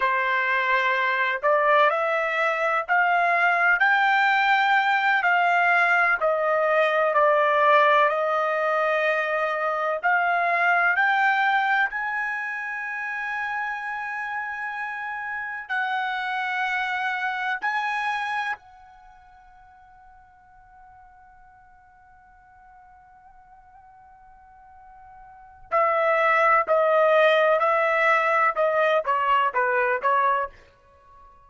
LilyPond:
\new Staff \with { instrumentName = "trumpet" } { \time 4/4 \tempo 4 = 63 c''4. d''8 e''4 f''4 | g''4. f''4 dis''4 d''8~ | d''8 dis''2 f''4 g''8~ | g''8 gis''2.~ gis''8~ |
gis''8 fis''2 gis''4 fis''8~ | fis''1~ | fis''2. e''4 | dis''4 e''4 dis''8 cis''8 b'8 cis''8 | }